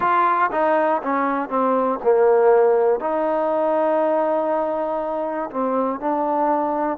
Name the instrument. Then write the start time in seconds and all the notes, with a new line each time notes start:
trombone
0.00 F4
0.51 D#4
1.02 C#4
1.49 C4
2.03 A#3
3.00 D#4
5.50 C4
6.00 D4